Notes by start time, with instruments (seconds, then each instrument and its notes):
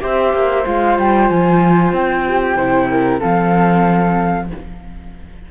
0.00 cello C4, viola G4, flute C5 E5
0.34 cello A#3
0.66 cello G#3, viola F4, flute F5
0.99 cello G3, flute G5
1.29 cello F3, flute G#5
1.93 cello C4, flute G5
2.28 flute G4
2.56 cello C3, viola E4, flute C5
2.90 flute A#4
3.20 cello F3, viola C4, flute A4 F5